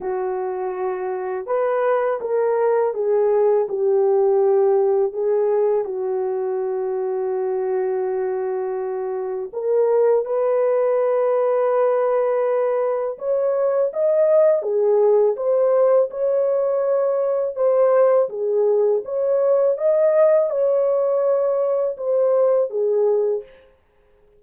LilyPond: \new Staff \with { instrumentName = "horn" } { \time 4/4 \tempo 4 = 82 fis'2 b'4 ais'4 | gis'4 g'2 gis'4 | fis'1~ | fis'4 ais'4 b'2~ |
b'2 cis''4 dis''4 | gis'4 c''4 cis''2 | c''4 gis'4 cis''4 dis''4 | cis''2 c''4 gis'4 | }